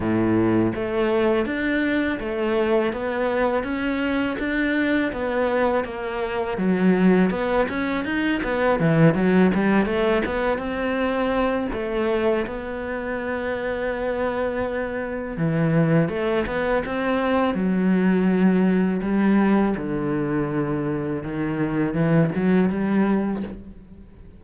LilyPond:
\new Staff \with { instrumentName = "cello" } { \time 4/4 \tempo 4 = 82 a,4 a4 d'4 a4 | b4 cis'4 d'4 b4 | ais4 fis4 b8 cis'8 dis'8 b8 | e8 fis8 g8 a8 b8 c'4. |
a4 b2.~ | b4 e4 a8 b8 c'4 | fis2 g4 d4~ | d4 dis4 e8 fis8 g4 | }